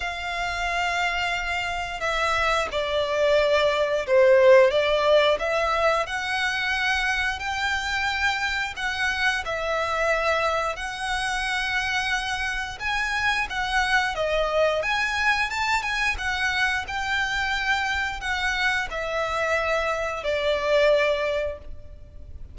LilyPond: \new Staff \with { instrumentName = "violin" } { \time 4/4 \tempo 4 = 89 f''2. e''4 | d''2 c''4 d''4 | e''4 fis''2 g''4~ | g''4 fis''4 e''2 |
fis''2. gis''4 | fis''4 dis''4 gis''4 a''8 gis''8 | fis''4 g''2 fis''4 | e''2 d''2 | }